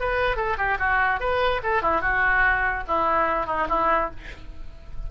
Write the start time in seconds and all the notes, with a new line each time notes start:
0.00 B4
0.37 A4
0.58 G4
0.79 F#4
1.20 B4
1.63 A4
1.82 E4
2.02 F#4
2.88 E4
3.47 D#4
3.69 E4